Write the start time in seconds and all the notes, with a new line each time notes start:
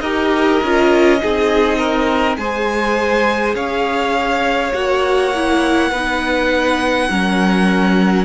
0.00 D#4 G4 A#4 D#5
0.63 C#4 F4
1.20 C4 D#4 G#4
1.78 A#4
2.37 G#3 G#4 C5 G#5
3.54 C#4 C#5 F5
4.73 A#3 F#4 F#5
5.34 E4
5.90 B3 D#4 B4
7.10 F#3 C#4 A#4